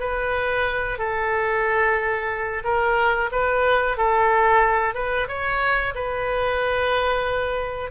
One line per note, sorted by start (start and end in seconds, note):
0.00 0.99 B4
0.99 2.64 A4
2.64 3.30 A#4
3.32 3.97 B4
3.97 4.95 A4
4.95 5.28 B4
5.28 5.94 C#5
5.95 7.91 B4